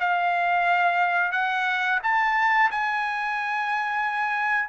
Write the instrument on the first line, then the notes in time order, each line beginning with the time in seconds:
trumpet
0.00 F5
1.32 F#5
2.03 A5
2.71 G#5